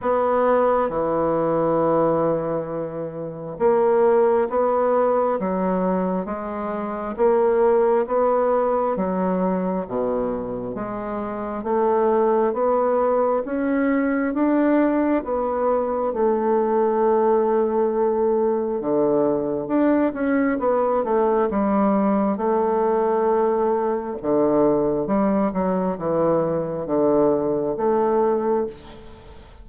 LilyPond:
\new Staff \with { instrumentName = "bassoon" } { \time 4/4 \tempo 4 = 67 b4 e2. | ais4 b4 fis4 gis4 | ais4 b4 fis4 b,4 | gis4 a4 b4 cis'4 |
d'4 b4 a2~ | a4 d4 d'8 cis'8 b8 a8 | g4 a2 d4 | g8 fis8 e4 d4 a4 | }